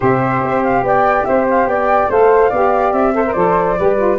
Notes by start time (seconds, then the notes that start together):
0.00 C3 G4 C5 E5
0.43 C4
0.63 F5
0.82 B3 D5 G5
1.24 C4 C5 E5
1.50 F5
1.66 B3 D5 G5
2.09 A3 A4 C5 F5
2.49 B3 G4 D5
2.92 C4 E5
3.14 A4 C5
3.26 A#4
3.32 F3 A4 D5
3.78 G3 G4 B4
3.96 F4